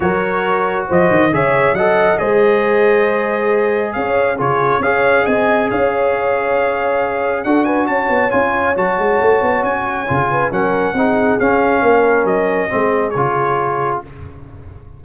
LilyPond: <<
  \new Staff \with { instrumentName = "trumpet" } { \time 4/4 \tempo 4 = 137 cis''2 dis''4 e''4 | fis''4 dis''2.~ | dis''4 f''4 cis''4 f''4 | gis''4 f''2.~ |
f''4 fis''8 gis''8 a''4 gis''4 | a''2 gis''2 | fis''2 f''2 | dis''2 cis''2 | }
  \new Staff \with { instrumentName = "horn" } { \time 4/4 ais'2 c''4 cis''4 | dis''4 c''2.~ | c''4 cis''4 gis'4 cis''4 | dis''4 cis''2.~ |
cis''4 a'8 b'8 cis''2~ | cis''2.~ cis''8 b'8 | ais'4 gis'2 ais'4~ | ais'4 gis'2. | }
  \new Staff \with { instrumentName = "trombone" } { \time 4/4 fis'2. gis'4 | a'4 gis'2.~ | gis'2 f'4 gis'4~ | gis'1~ |
gis'4 fis'2 f'4 | fis'2. f'4 | cis'4 dis'4 cis'2~ | cis'4 c'4 f'2 | }
  \new Staff \with { instrumentName = "tuba" } { \time 4/4 fis2 f8 dis8 cis4 | fis4 gis2.~ | gis4 cis'4 cis4 cis'4 | c'4 cis'2.~ |
cis'4 d'4 cis'8 b8 cis'4 | fis8 gis8 a8 b8 cis'4 cis4 | fis4 c'4 cis'4 ais4 | fis4 gis4 cis2 | }
>>